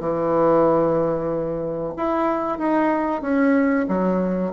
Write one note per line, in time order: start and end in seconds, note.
0.00 1.94 E3
1.97 2.58 E4
2.58 3.21 D#4
3.21 3.86 C#4
3.88 4.52 F#3